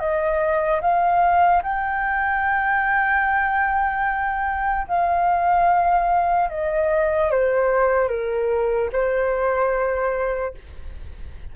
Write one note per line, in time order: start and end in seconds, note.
0.00 0.81 D#5
0.81 1.63 F5
1.63 4.88 G5
4.88 6.50 F5
6.50 7.31 D#5
7.31 8.09 C5
8.09 8.90 A#4
8.93 10.55 C5